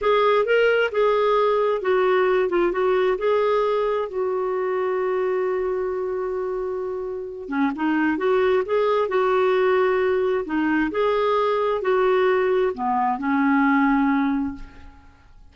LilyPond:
\new Staff \with { instrumentName = "clarinet" } { \time 4/4 \tempo 4 = 132 gis'4 ais'4 gis'2 | fis'4. f'8 fis'4 gis'4~ | gis'4 fis'2.~ | fis'1~ |
fis'8 cis'8 dis'4 fis'4 gis'4 | fis'2. dis'4 | gis'2 fis'2 | b4 cis'2. | }